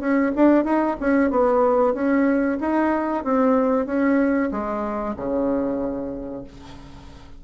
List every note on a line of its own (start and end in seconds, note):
0.00 0.32 C#4
0.36 0.65 D4
0.65 0.97 D#4
1.00 1.31 C#4
1.31 1.94 B3
1.94 2.58 C#4
2.61 3.24 D#4
3.24 3.86 C4
3.86 4.50 C#4
4.51 5.15 G#3
5.16 6.44 C#3